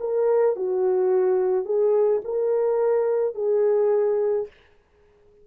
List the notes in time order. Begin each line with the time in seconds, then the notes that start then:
0.00 A#4
0.56 F#4
1.65 G#4
2.24 A#4
3.35 G#4